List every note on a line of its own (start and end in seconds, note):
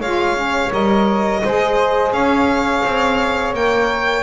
0.00 0.71 G#3
0.00 0.36 F4
0.00 1.41 C#5
0.00 0.72 F5
0.36 0.71 C#4
0.71 1.42 G3
0.71 1.41 A#4
0.71 2.12 D#5
1.44 2.12 G#3
1.44 3.55 G#4
1.44 2.14 C5
2.12 2.82 C#4
2.12 4.23 C#5
2.12 3.54 F5
2.85 3.53 C4
3.53 4.23 A#3
3.53 4.23 A#4
3.53 4.23 G5